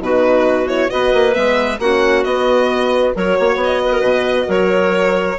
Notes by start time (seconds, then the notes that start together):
0.00 B2 D#4 F#4 B4
0.67 E4 C#5
0.88 B3 F#4 B4 D#5
1.14 A#3
1.34 G#3 B3 E5
1.79 A#3 C#4 F#4 F#5
2.24 B3 D#5
3.15 F#3 F#4 A#4 C#5
3.37 A#3 C#5
3.56 B3
3.64 D#5
3.85 B4
3.93 A#4
4.01 B2 B4
4.47 F#3 A#4 C#5